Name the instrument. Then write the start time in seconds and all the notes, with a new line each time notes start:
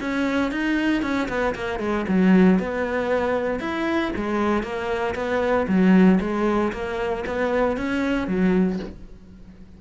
cello
0.00 C#4
0.51 D#4
1.02 C#4
1.29 B3
1.55 A#3
1.79 G#3
2.08 F#3
2.59 B3
3.59 E4
4.16 G#3
4.63 A#3
5.15 B3
5.68 F#3
6.20 G#3
6.73 A#3
7.26 B3
7.77 C#4
8.27 F#3